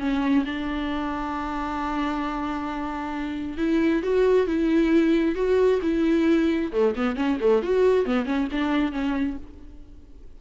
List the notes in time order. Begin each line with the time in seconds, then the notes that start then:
0.00 C#4
0.46 D4
3.58 E4
4.03 F#4
4.47 E4
5.35 F#4
5.82 E4
6.72 A3
6.96 B3
7.16 C#4
7.41 A3
7.63 F#4
8.06 B3
8.26 C#4
8.52 D4
8.92 C#4